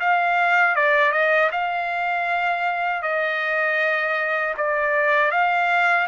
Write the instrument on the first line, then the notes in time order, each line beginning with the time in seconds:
trumpet
0.00 F5
0.76 D5
1.12 D#5
1.52 F5
3.03 D#5
4.57 D5
5.31 F5